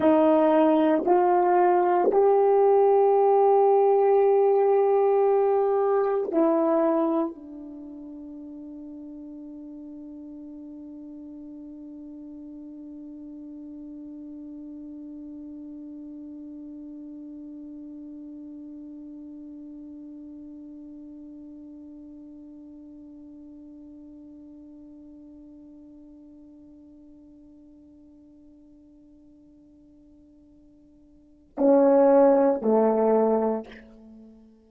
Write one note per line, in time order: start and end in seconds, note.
0.00 1.04 D#4
1.05 2.11 F4
2.11 6.31 G4
6.31 7.34 E4
7.34 31.55 D4
31.57 32.61 C#4
32.61 33.67 A3